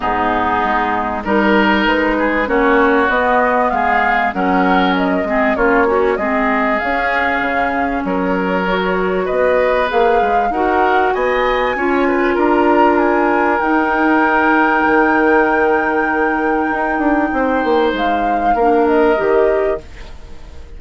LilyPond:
<<
  \new Staff \with { instrumentName = "flute" } { \time 4/4 \tempo 4 = 97 gis'2 ais'4 b'4 | cis''4 dis''4 f''4 fis''4 | dis''4 cis''4 dis''4 f''4~ | f''4 cis''2 dis''4 |
f''4 fis''4 gis''2 | ais''4 gis''4 g''2~ | g''1~ | g''4 f''4. dis''4. | }
  \new Staff \with { instrumentName = "oboe" } { \time 4/4 dis'2 ais'4. gis'8 | fis'2 gis'4 ais'4~ | ais'8 gis'8 f'8 cis'8 gis'2~ | gis'4 ais'2 b'4~ |
b'4 ais'4 dis''4 cis''8 b'8 | ais'1~ | ais'1 | c''2 ais'2 | }
  \new Staff \with { instrumentName = "clarinet" } { \time 4/4 b2 dis'2 | cis'4 b2 cis'4~ | cis'8 c'8 cis'8 fis'8 c'4 cis'4~ | cis'2 fis'2 |
gis'4 fis'2 f'4~ | f'2 dis'2~ | dis'1~ | dis'2 d'4 g'4 | }
  \new Staff \with { instrumentName = "bassoon" } { \time 4/4 gis,4 gis4 g4 gis4 | ais4 b4 gis4 fis4~ | fis8 gis8 ais4 gis4 cis'4 | cis4 fis2 b4 |
ais8 gis8 dis'4 b4 cis'4 | d'2 dis'2 | dis2. dis'8 d'8 | c'8 ais8 gis4 ais4 dis4 | }
>>